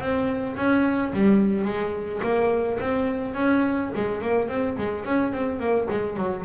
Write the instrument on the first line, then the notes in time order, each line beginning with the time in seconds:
double bass
0.00 C4
0.56 C#4
1.13 G3
1.65 G#3
2.23 A#3
2.80 C4
3.34 C#4
3.95 G#3
4.21 A#3
4.49 C4
4.77 G#3
5.05 C#4
5.33 C4
5.59 A#3
5.90 G#3
6.17 F#3